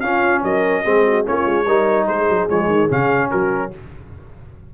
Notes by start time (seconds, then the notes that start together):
0.00 C#4 F4 F5
0.43 F#3 A#4 D#5
0.83 G#3 C4 G#4
1.05 F#4
1.24 A#3 C#4 F4 C#5
1.45 G#3
1.65 G3 D#4 A#4
2.07 G#3 G#4 C5
2.28 F#3
2.49 F3 G#3 C#5
2.66 D#3
2.89 C#3 C#4 F5
3.30 F#3 F#4 A#4